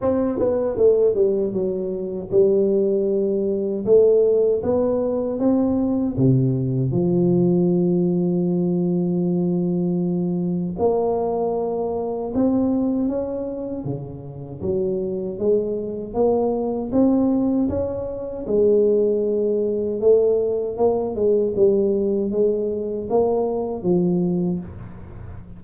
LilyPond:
\new Staff \with { instrumentName = "tuba" } { \time 4/4 \tempo 4 = 78 c'8 b8 a8 g8 fis4 g4~ | g4 a4 b4 c'4 | c4 f2.~ | f2 ais2 |
c'4 cis'4 cis4 fis4 | gis4 ais4 c'4 cis'4 | gis2 a4 ais8 gis8 | g4 gis4 ais4 f4 | }